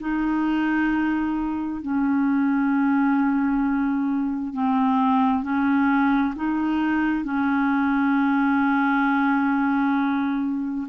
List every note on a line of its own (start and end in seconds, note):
0.00 1.81 D#4
1.81 4.53 C#4
4.53 5.43 C4
5.43 6.34 C#4
6.36 7.24 D#4
7.24 10.88 C#4